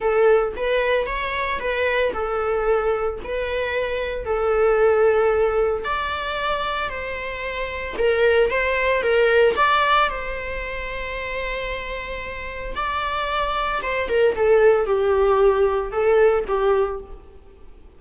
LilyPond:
\new Staff \with { instrumentName = "viola" } { \time 4/4 \tempo 4 = 113 a'4 b'4 cis''4 b'4 | a'2 b'2 | a'2. d''4~ | d''4 c''2 ais'4 |
c''4 ais'4 d''4 c''4~ | c''1 | d''2 c''8 ais'8 a'4 | g'2 a'4 g'4 | }